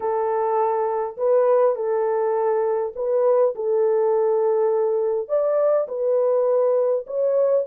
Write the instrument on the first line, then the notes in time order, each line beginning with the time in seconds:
horn
0.00 A4
1.17 B4
1.75 A4
2.95 B4
3.55 A4
5.28 D5
5.87 B4
7.06 C#5